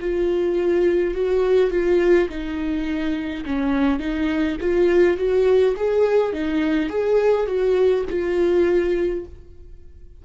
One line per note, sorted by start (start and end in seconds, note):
0.00 1.14 F4
1.14 1.70 F#4
1.70 2.28 F4
2.29 3.45 D#4
3.45 3.99 C#4
3.99 4.57 D#4
4.60 5.17 F4
5.17 5.75 F#4
5.76 6.33 G#4
6.33 6.89 D#4
6.89 7.46 G#4
7.46 8.04 F#4
8.09 9.25 F4